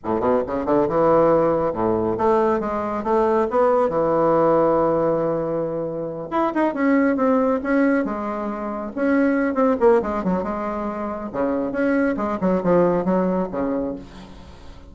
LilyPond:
\new Staff \with { instrumentName = "bassoon" } { \time 4/4 \tempo 4 = 138 a,8 b,8 cis8 d8 e2 | a,4 a4 gis4 a4 | b4 e2.~ | e2~ e8 e'8 dis'8 cis'8~ |
cis'8 c'4 cis'4 gis4.~ | gis8 cis'4. c'8 ais8 gis8 fis8 | gis2 cis4 cis'4 | gis8 fis8 f4 fis4 cis4 | }